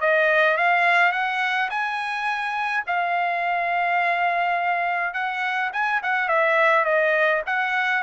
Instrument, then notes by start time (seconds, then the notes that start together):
trumpet
0.00 D#5
0.57 F5
1.12 F#5
1.70 G#5
2.86 F5
5.13 F#5
5.73 G#5
6.03 F#5
6.28 E5
6.85 D#5
7.46 F#5